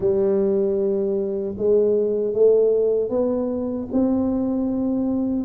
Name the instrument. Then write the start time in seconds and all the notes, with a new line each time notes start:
tuba
0.00 G3
1.57 G#3
2.33 A3
3.09 B3
3.92 C4